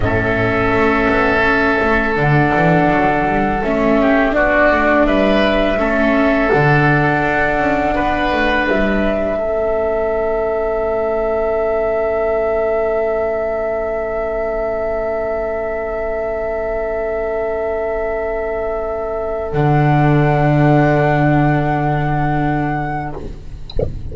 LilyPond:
<<
  \new Staff \with { instrumentName = "flute" } { \time 4/4 \tempo 4 = 83 e''2. fis''4~ | fis''4 e''4 d''4 e''4~ | e''4 fis''2. | e''1~ |
e''1~ | e''1~ | e''2. fis''4~ | fis''1 | }
  \new Staff \with { instrumentName = "oboe" } { \time 4/4 a'1~ | a'4. g'8 fis'4 b'4 | a'2. b'4~ | b'4 a'2.~ |
a'1~ | a'1~ | a'1~ | a'1 | }
  \new Staff \with { instrumentName = "viola" } { \time 4/4 cis'2. d'4~ | d'4 cis'4 d'2 | cis'4 d'2.~ | d'4 cis'2.~ |
cis'1~ | cis'1~ | cis'2. d'4~ | d'1 | }
  \new Staff \with { instrumentName = "double bass" } { \time 4/4 a,4 a8 b8 cis'8 a8 d8 e8 | fis8 g8 a4 b8 a8 g4 | a4 d4 d'8 cis'8 b8 a8 | g4 a2.~ |
a1~ | a1~ | a2. d4~ | d1 | }
>>